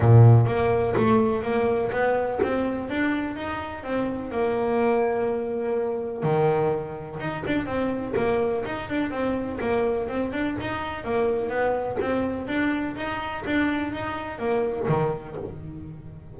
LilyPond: \new Staff \with { instrumentName = "double bass" } { \time 4/4 \tempo 4 = 125 ais,4 ais4 a4 ais4 | b4 c'4 d'4 dis'4 | c'4 ais2.~ | ais4 dis2 dis'8 d'8 |
c'4 ais4 dis'8 d'8 c'4 | ais4 c'8 d'8 dis'4 ais4 | b4 c'4 d'4 dis'4 | d'4 dis'4 ais4 dis4 | }